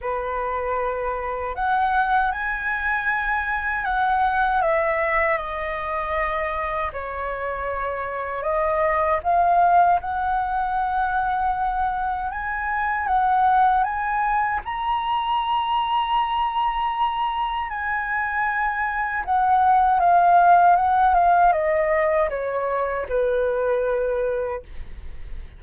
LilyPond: \new Staff \with { instrumentName = "flute" } { \time 4/4 \tempo 4 = 78 b'2 fis''4 gis''4~ | gis''4 fis''4 e''4 dis''4~ | dis''4 cis''2 dis''4 | f''4 fis''2. |
gis''4 fis''4 gis''4 ais''4~ | ais''2. gis''4~ | gis''4 fis''4 f''4 fis''8 f''8 | dis''4 cis''4 b'2 | }